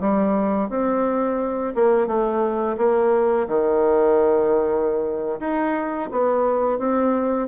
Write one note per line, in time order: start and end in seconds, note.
0.00 0.69 G3
0.69 1.74 C4
1.75 2.07 A#3
2.07 2.77 A3
2.77 3.47 A#3
3.48 5.40 D#3
5.40 6.10 D#4
6.11 6.79 B3
6.79 7.48 C4